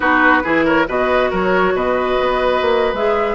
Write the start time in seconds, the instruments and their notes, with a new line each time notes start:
0.00 bassoon B3, clarinet D#4, oboe F#4, flute B4
0.43 bassoon E3, clarinet E4, oboe G#4
0.65 oboe A#4, flute C#5
0.87 bassoon B2, clarinet F#4, oboe B4, flute D#5
1.30 bassoon F#3, oboe A#4, flute C#5
1.73 bassoon B2, oboe B4, flute D#5
2.20 bassoon B3
2.61 bassoon A#3
2.93 bassoon G#3, clarinet G#4, flute E5